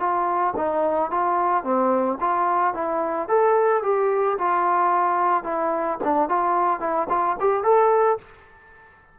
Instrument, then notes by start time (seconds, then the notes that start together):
trombone
0.00 F4
0.57 D#4
1.11 F4
1.64 C4
2.21 F4
2.74 E4
3.29 A4
3.83 G4
4.39 F4
5.44 E4
6.04 D4
6.29 F4
6.81 E4
7.09 F4
7.40 G4
7.64 A4